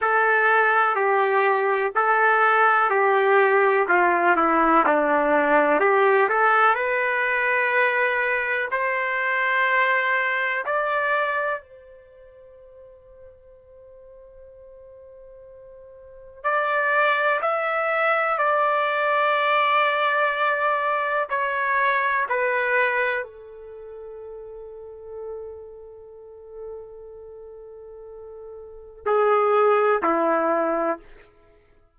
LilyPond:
\new Staff \with { instrumentName = "trumpet" } { \time 4/4 \tempo 4 = 62 a'4 g'4 a'4 g'4 | f'8 e'8 d'4 g'8 a'8 b'4~ | b'4 c''2 d''4 | c''1~ |
c''4 d''4 e''4 d''4~ | d''2 cis''4 b'4 | a'1~ | a'2 gis'4 e'4 | }